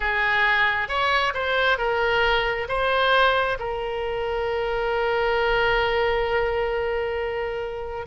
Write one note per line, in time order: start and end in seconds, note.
0.00 0.88 G#4
0.88 1.33 C#5
1.34 1.78 C5
1.78 2.67 A#4
2.68 3.58 C5
3.59 8.06 A#4